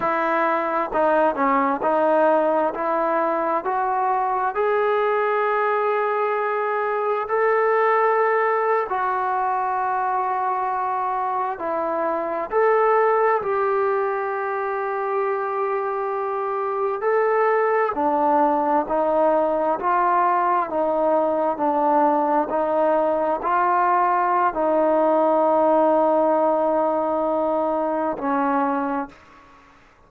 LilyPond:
\new Staff \with { instrumentName = "trombone" } { \time 4/4 \tempo 4 = 66 e'4 dis'8 cis'8 dis'4 e'4 | fis'4 gis'2. | a'4.~ a'16 fis'2~ fis'16~ | fis'8. e'4 a'4 g'4~ g'16~ |
g'2~ g'8. a'4 d'16~ | d'8. dis'4 f'4 dis'4 d'16~ | d'8. dis'4 f'4~ f'16 dis'4~ | dis'2. cis'4 | }